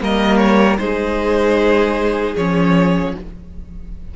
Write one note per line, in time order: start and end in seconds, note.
0.00 0.78 G3
0.00 0.78 A#3
0.00 0.80 A#4
0.00 0.37 D#5
0.37 0.76 C#5
0.78 2.35 G#3
0.78 2.35 D#4
0.78 3.14 G#4
0.78 2.34 C5
2.36 3.14 F3
2.36 3.16 C#4
2.36 3.14 C#5